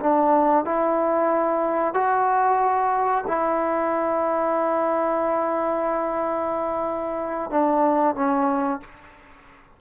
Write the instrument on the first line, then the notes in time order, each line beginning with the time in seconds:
trombone
0.00 D4
0.65 E4
1.94 F#4
3.27 E4
7.51 D4
8.15 C#4